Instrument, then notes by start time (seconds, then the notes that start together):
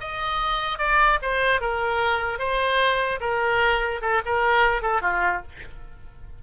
oboe
0.00 D#5
0.78 D5
1.22 C5
1.61 A#4
2.39 C5
3.20 A#4
4.01 A4
4.25 A#4
4.82 A4
5.02 F4